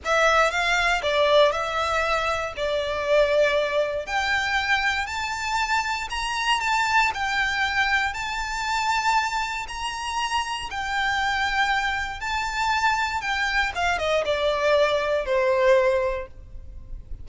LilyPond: \new Staff \with { instrumentName = "violin" } { \time 4/4 \tempo 4 = 118 e''4 f''4 d''4 e''4~ | e''4 d''2. | g''2 a''2 | ais''4 a''4 g''2 |
a''2. ais''4~ | ais''4 g''2. | a''2 g''4 f''8 dis''8 | d''2 c''2 | }